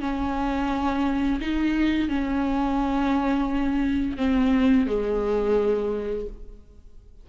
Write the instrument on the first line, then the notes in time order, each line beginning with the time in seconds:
viola
0.00 C#4
1.40 D#4
2.09 C#4
4.17 C4
4.87 G#3